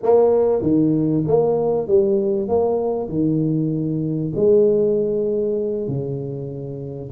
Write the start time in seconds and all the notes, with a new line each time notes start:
0.03 A#3
0.62 D#3
1.27 A#3
1.87 G3
2.48 A#3
3.08 D#3
4.35 G#3
5.87 C#3